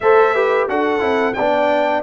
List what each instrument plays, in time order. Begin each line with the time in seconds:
0.00 tuba A3, trombone A4, horn C5, trumpet E5
0.34 trombone G4, horn B4
0.68 tuba D4, trombone F#4, horn A4, trumpet F#5
0.99 tuba C4, trombone E4
1.33 tuba B3, trombone D4, horn D5, trumpet G5